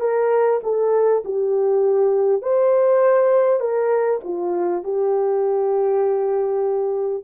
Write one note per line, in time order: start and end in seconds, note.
0.00 0.60 A#4
0.63 1.23 A4
1.25 2.43 G4
2.43 3.60 C5
3.60 4.20 A#4
4.24 4.84 F4
4.84 7.24 G4